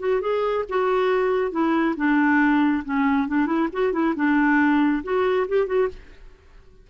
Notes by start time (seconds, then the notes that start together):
0.00 F#4
0.21 G#4
0.70 F#4
1.52 E4
1.97 D4
2.85 C#4
3.28 D4
3.47 E4
3.73 F#4
3.93 E4
4.16 D4
5.04 F#4
5.49 G4
5.67 F#4